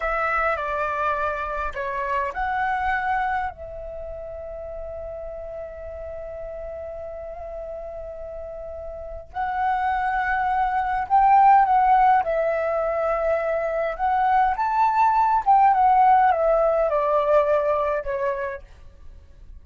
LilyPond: \new Staff \with { instrumentName = "flute" } { \time 4/4 \tempo 4 = 103 e''4 d''2 cis''4 | fis''2 e''2~ | e''1~ | e''1 |
fis''2. g''4 | fis''4 e''2. | fis''4 a''4. g''8 fis''4 | e''4 d''2 cis''4 | }